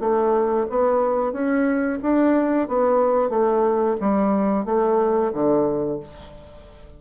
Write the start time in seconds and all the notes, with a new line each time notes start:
0.00 A3
0.70 B3
1.32 C#4
2.03 D4
2.68 B3
3.30 A3
4.01 G3
4.65 A3
5.33 D3